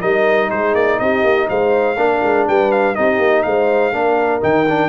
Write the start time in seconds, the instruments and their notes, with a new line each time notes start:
0.00 tuba G3, trombone D#4, horn A#4, trumpet D#5
0.50 tuba G#3, horn G#4, trumpet C5
0.74 tuba A#3, trumpet D5
0.99 tuba C4, horn G4, trumpet D#5
1.23 tuba A#3
1.48 tuba G#3, horn C5, trumpet F5
1.96 tuba A#3, trombone D4, horn A#4
2.23 tuba G#3
2.48 tuba G3, horn B4, trumpet G5
2.72 trumpet F5
2.95 tuba C4, trombone D#4, horn G4, trumpet D#5
3.18 tuba A#3
3.42 tuba G#3, horn C5, trumpet F5
3.92 tuba A#3, trombone D4, horn A#4
4.41 tuba D#3, trombone D#4, trumpet G5
4.68 trombone D4